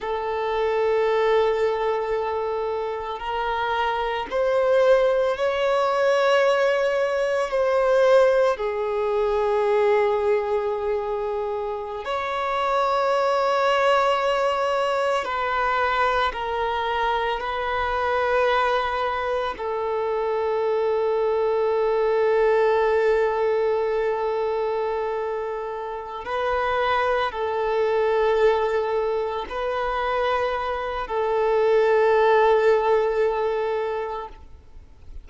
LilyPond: \new Staff \with { instrumentName = "violin" } { \time 4/4 \tempo 4 = 56 a'2. ais'4 | c''4 cis''2 c''4 | gis'2.~ gis'16 cis''8.~ | cis''2~ cis''16 b'4 ais'8.~ |
ais'16 b'2 a'4.~ a'16~ | a'1~ | a'8 b'4 a'2 b'8~ | b'4 a'2. | }